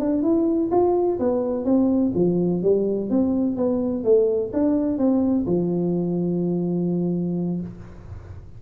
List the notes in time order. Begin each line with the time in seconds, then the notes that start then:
0.00 D4
0.23 E4
0.72 F4
1.20 B3
1.65 C4
2.15 F3
2.63 G3
3.10 C4
3.57 B3
4.04 A3
4.54 D4
4.98 C4
5.47 F3